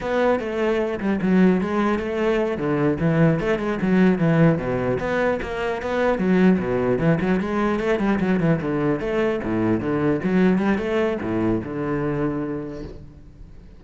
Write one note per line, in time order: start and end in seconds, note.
0.00 0.39 B3
0.39 0.99 A3
0.99 1.19 G3
1.21 1.61 F#3
1.61 1.98 G#3
1.98 2.57 A3
2.57 2.97 D3
3.00 3.40 E3
3.40 3.59 A3
3.59 3.79 G#3
3.81 4.18 F#3
4.18 4.58 E3
4.58 4.98 B2
4.99 5.39 B3
5.41 5.81 A#3
5.82 6.18 B3
6.18 6.58 F#3
6.59 6.99 B2
6.99 7.19 E3
7.20 7.39 F#3
7.39 7.79 G#3
7.79 7.99 A3
7.99 8.19 G3
8.19 8.39 F#3
8.40 8.60 E3
8.61 9.00 D3
9.00 9.40 A3
9.43 9.80 A2
9.80 10.20 D3
10.23 10.58 F#3
10.58 10.78 G3
10.78 11.18 A3
11.21 11.61 A2
11.63 12.83 D3